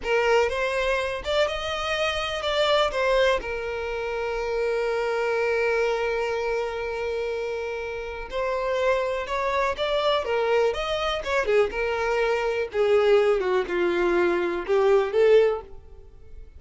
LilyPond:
\new Staff \with { instrumentName = "violin" } { \time 4/4 \tempo 4 = 123 ais'4 c''4. d''8 dis''4~ | dis''4 d''4 c''4 ais'4~ | ais'1~ | ais'1~ |
ais'4 c''2 cis''4 | d''4 ais'4 dis''4 cis''8 gis'8 | ais'2 gis'4. fis'8 | f'2 g'4 a'4 | }